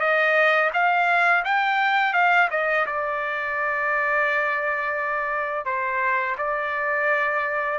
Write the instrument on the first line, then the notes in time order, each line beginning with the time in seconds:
trumpet
0.00 D#5
0.73 F5
1.44 G5
2.13 F5
2.50 D#5
2.86 D5
5.65 C5
6.38 D5